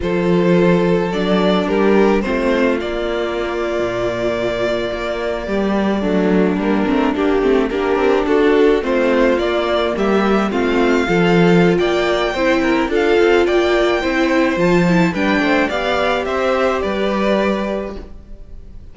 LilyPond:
<<
  \new Staff \with { instrumentName = "violin" } { \time 4/4 \tempo 4 = 107 c''2 d''4 ais'4 | c''4 d''2.~ | d''2.~ d''8. ais'16~ | ais'8. g'4 ais'4 a'4 c''16~ |
c''8. d''4 e''4 f''4~ f''16~ | f''4 g''2 f''4 | g''2 a''4 g''4 | f''4 e''4 d''2 | }
  \new Staff \with { instrumentName = "violin" } { \time 4/4 a'2. g'4 | f'1~ | f'4.~ f'16 g'4 d'4~ d'16~ | d'4.~ d'16 g'4 fis'4 f'16~ |
f'4.~ f'16 g'4 f'4 a'16~ | a'4 d''4 c''8 ais'8 a'4 | d''4 c''2 b'8 c''8 | d''4 c''4 b'2 | }
  \new Staff \with { instrumentName = "viola" } { \time 4/4 f'2 d'2 | c'4 ais2.~ | ais2~ ais8. a4 ais16~ | ais16 c'8 d'8 c'8 d'2 c'16~ |
c'8. ais2 c'4 f'16~ | f'2 e'4 f'4~ | f'4 e'4 f'8 e'8 d'4 | g'1 | }
  \new Staff \with { instrumentName = "cello" } { \time 4/4 f2 fis4 g4 | a4 ais4.~ ais16 ais,4~ ais,16~ | ais,8. ais4 g4 fis4 g16~ | g16 a8 ais8 a8 ais8 c'8 d'4 a16~ |
a8. ais4 g4 a4 f16~ | f4 ais4 c'4 d'8 c'8 | ais4 c'4 f4 g8 a8 | b4 c'4 g2 | }
>>